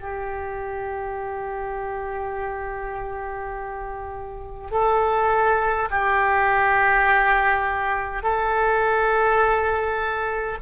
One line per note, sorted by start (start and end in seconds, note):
0.00 4.71 G4
4.71 5.89 A4
5.90 8.23 G4
8.23 10.58 A4